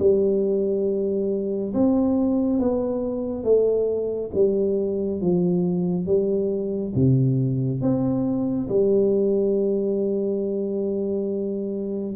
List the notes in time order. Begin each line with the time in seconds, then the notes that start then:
0.00 G3
1.74 C4
2.60 B3
3.44 A3
4.35 G3
5.21 F3
6.06 G3
6.95 C3
7.81 C4
8.69 G3